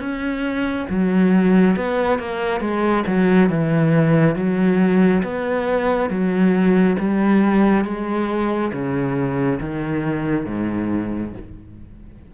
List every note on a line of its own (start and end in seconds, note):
0.00 0.87 C#4
0.90 1.77 F#3
1.77 2.19 B3
2.19 2.61 A#3
2.61 3.04 G#3
3.08 3.50 F#3
3.50 4.36 E3
4.36 5.23 F#3
5.24 6.10 B3
6.10 6.97 F#3
6.99 7.85 G3
7.85 8.72 G#3
8.73 9.60 C#3
9.60 10.46 D#3
10.46 11.33 G#2